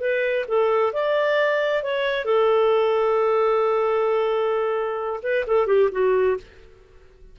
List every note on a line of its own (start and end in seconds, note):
0.00 0.45 B4
0.48 0.93 A4
0.93 1.83 D5
1.83 2.25 C#5
2.25 5.20 A4
5.23 5.46 B4
5.47 5.67 A4
5.67 5.90 G4
5.92 6.37 F#4